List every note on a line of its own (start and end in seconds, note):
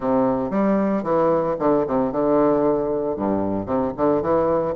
0.00 0.50 C3
0.50 1.03 G3
1.03 1.56 E3
1.59 1.85 D3
1.87 2.12 C3
2.12 3.16 D3
3.16 3.66 G2
3.66 3.92 C3
3.96 4.22 D3
4.22 4.74 E3